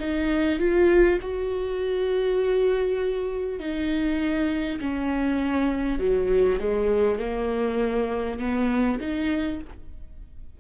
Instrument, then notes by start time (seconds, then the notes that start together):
viola
0.00 D#4
0.59 F4
1.22 F#4
3.59 D#4
4.81 C#4
5.99 F#3
6.59 G#3
7.19 A#3
8.39 B3
9.00 D#4